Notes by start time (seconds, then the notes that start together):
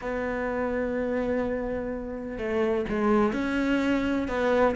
0.01 B3
2.38 A3
2.88 G#3
3.32 C#4
4.28 B3